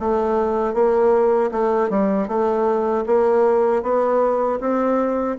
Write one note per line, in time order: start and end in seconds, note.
0.00 0.74 A3
0.74 1.51 A#3
1.51 1.90 A3
1.90 2.28 G3
2.28 3.05 A3
3.06 3.83 A#3
3.83 4.59 B3
4.60 5.37 C4